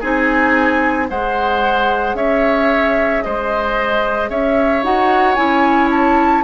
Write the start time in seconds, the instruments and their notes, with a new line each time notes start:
0.00 bassoon C4, clarinet D#4, oboe G#4, flute G#5
1.09 bassoon G#3, clarinet G#4, oboe C5, flute F#5
2.14 bassoon C#4, oboe C#5, flute E5
3.23 bassoon G#3, oboe C5, flute D#5
4.30 bassoon C#4, oboe C#5, flute E5
4.83 bassoon D#4, clarinet F#4, flute F#5
5.35 bassoon C#4, clarinet E4, flute G#5
5.91 flute A5